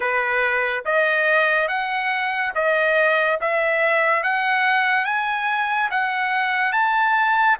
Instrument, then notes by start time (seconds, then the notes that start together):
trumpet
0.00 B4
0.85 D#5
1.68 F#5
2.55 D#5
3.40 E5
4.23 F#5
5.05 G#5
5.90 F#5
6.72 A5